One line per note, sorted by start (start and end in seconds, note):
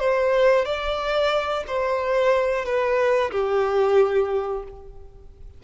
0.00 0.65 C5
0.65 1.64 D5
1.68 2.66 C5
2.66 3.31 B4
3.32 4.64 G4